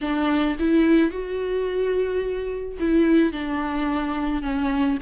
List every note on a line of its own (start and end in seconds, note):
0.01 0.56 D4
0.59 1.11 E4
1.11 2.77 F#4
2.79 3.32 E4
3.32 4.42 D4
4.42 4.97 C#4